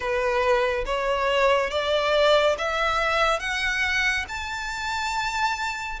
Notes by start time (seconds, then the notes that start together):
0.00 B4
0.85 C#5
1.70 D5
2.58 E5
3.39 F#5
4.28 A5